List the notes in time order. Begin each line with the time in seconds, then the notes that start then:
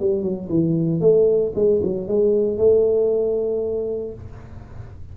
0.00 G3
0.22 F#3
0.49 E3
1.00 A3
1.55 G#3
1.83 F#3
2.08 G#3
2.58 A3